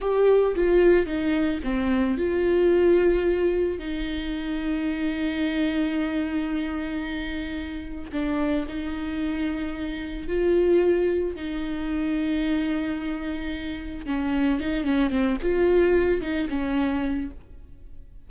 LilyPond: \new Staff \with { instrumentName = "viola" } { \time 4/4 \tempo 4 = 111 g'4 f'4 dis'4 c'4 | f'2. dis'4~ | dis'1~ | dis'2. d'4 |
dis'2. f'4~ | f'4 dis'2.~ | dis'2 cis'4 dis'8 cis'8 | c'8 f'4. dis'8 cis'4. | }